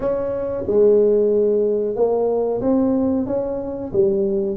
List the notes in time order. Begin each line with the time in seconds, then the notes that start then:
0.00 C#4
0.66 G#3
1.95 A#3
2.61 C4
3.26 C#4
3.92 G3